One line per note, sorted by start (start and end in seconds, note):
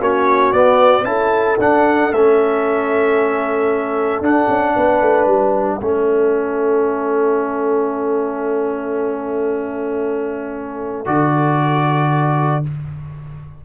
0.00 0.53 A#3
0.00 0.55 C#4
0.00 1.05 F#4
0.00 0.52 C#5
0.52 1.04 B3
0.52 1.05 B3
0.52 1.05 D5
1.04 1.57 C#4
1.04 1.58 E4
1.04 4.75 A4
1.04 1.58 A5
1.59 2.12 D4
1.59 2.13 D4
1.59 2.13 F#5
2.12 4.21 A3
2.12 4.23 C#4
2.12 4.24 E5
4.21 4.47 D4
4.21 5.81 D4
4.21 5.28 F#5
4.49 4.75 C#4
4.75 5.01 B3
4.75 5.79 B4
5.01 5.27 A3
5.27 5.79 G3
5.27 11.06 E5
5.79 11.07 A3
5.79 11.05 C#4
5.79 12.64 A4
11.05 12.65 D3
11.05 12.63 F#4
11.05 12.64 D5